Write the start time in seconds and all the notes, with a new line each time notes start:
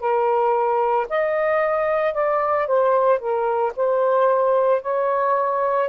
0.00 A#4
1.10 D#5
2.14 D5
2.68 C5
3.19 A#4
3.76 C5
4.82 C#5